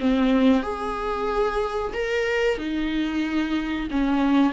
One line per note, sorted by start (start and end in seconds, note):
0.00 0.63 C4
0.63 1.93 G#4
1.93 2.58 A#4
2.58 3.88 D#4
3.90 4.53 C#4